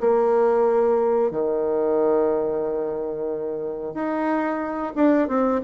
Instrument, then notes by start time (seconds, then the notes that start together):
bassoon
0.00 A#3
1.30 D#3
3.94 D#4
4.95 D4
5.28 C4